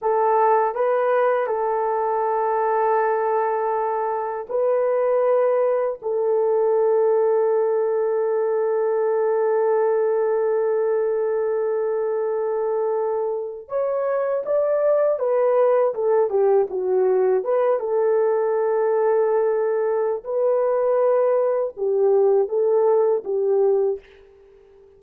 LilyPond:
\new Staff \with { instrumentName = "horn" } { \time 4/4 \tempo 4 = 80 a'4 b'4 a'2~ | a'2 b'2 | a'1~ | a'1~ |
a'2~ a'16 cis''4 d''8.~ | d''16 b'4 a'8 g'8 fis'4 b'8 a'16~ | a'2. b'4~ | b'4 g'4 a'4 g'4 | }